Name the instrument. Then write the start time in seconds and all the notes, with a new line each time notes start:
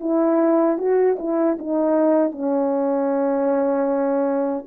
horn
0.00 E4
0.78 F#4
1.19 E4
1.59 D#4
2.32 C#4